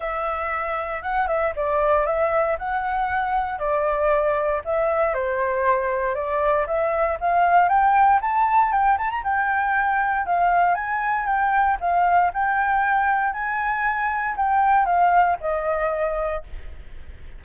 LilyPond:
\new Staff \with { instrumentName = "flute" } { \time 4/4 \tempo 4 = 117 e''2 fis''8 e''8 d''4 | e''4 fis''2 d''4~ | d''4 e''4 c''2 | d''4 e''4 f''4 g''4 |
a''4 g''8 a''16 ais''16 g''2 | f''4 gis''4 g''4 f''4 | g''2 gis''2 | g''4 f''4 dis''2 | }